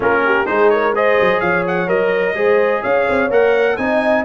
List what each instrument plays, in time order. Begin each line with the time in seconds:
0.00 tuba A#3, trombone C#4, horn F4, trumpet A#4
0.25 horn G4
0.45 tuba G#3, trombone D#4, horn G#4, trumpet C5
0.69 horn A#4, trumpet C#5
0.95 trombone G#4, horn C5, trumpet D#5
1.20 tuba F#3
1.40 tuba F3, horn C#5, trumpet F5
1.67 trumpet F#5
1.87 tuba F#3, trombone A#4, trumpet D#5
2.34 tuba G#3, trombone G#4, horn C5
2.81 tuba C#4, horn C#5, trumpet F5
3.09 tuba C4
3.30 tuba A#3, trombone A#4, trumpet F#5
3.76 tuba C4, trombone D#4, horn D#5, trumpet G#5